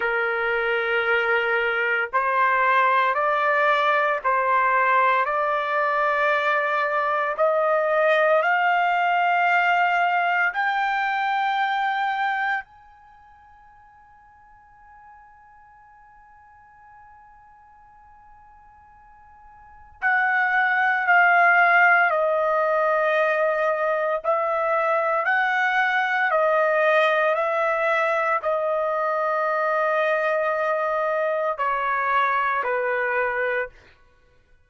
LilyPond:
\new Staff \with { instrumentName = "trumpet" } { \time 4/4 \tempo 4 = 57 ais'2 c''4 d''4 | c''4 d''2 dis''4 | f''2 g''2 | gis''1~ |
gis''2. fis''4 | f''4 dis''2 e''4 | fis''4 dis''4 e''4 dis''4~ | dis''2 cis''4 b'4 | }